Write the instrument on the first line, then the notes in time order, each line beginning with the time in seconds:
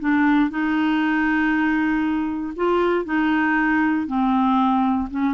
clarinet
0.00 D4
0.50 D#4
2.56 F4
3.05 D#4
4.07 C4
5.11 C#4